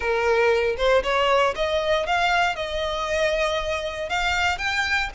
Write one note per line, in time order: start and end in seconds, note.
0.00 0.76 A#4
0.77 1.02 C5
1.03 1.54 C#5
1.55 2.06 D#5
2.06 2.55 F5
2.55 4.09 D#5
4.09 4.58 F5
4.58 5.09 G5